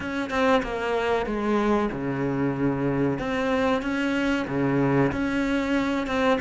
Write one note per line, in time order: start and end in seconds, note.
0.00 0.30 C#4
0.30 0.62 C4
0.62 1.26 A#3
1.26 1.89 G#3
1.91 3.18 C#3
3.18 3.82 C4
3.82 4.46 C#4
4.47 5.11 C#3
5.12 6.06 C#4
6.06 6.38 C4